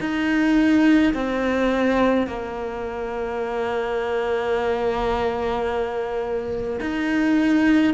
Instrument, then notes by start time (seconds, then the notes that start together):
cello
0.00 D#4
1.14 C4
2.27 A#3
6.80 D#4